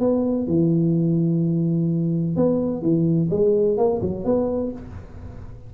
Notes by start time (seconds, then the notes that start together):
0.00 B3
0.47 E3
2.36 B3
2.82 E3
3.30 G#3
3.78 A#3
4.02 F#3
4.25 B3